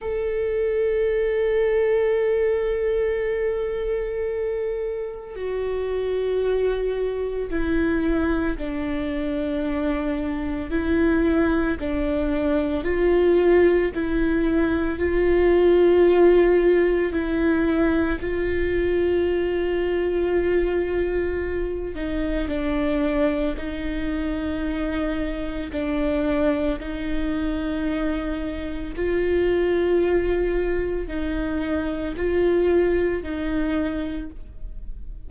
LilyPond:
\new Staff \with { instrumentName = "viola" } { \time 4/4 \tempo 4 = 56 a'1~ | a'4 fis'2 e'4 | d'2 e'4 d'4 | f'4 e'4 f'2 |
e'4 f'2.~ | f'8 dis'8 d'4 dis'2 | d'4 dis'2 f'4~ | f'4 dis'4 f'4 dis'4 | }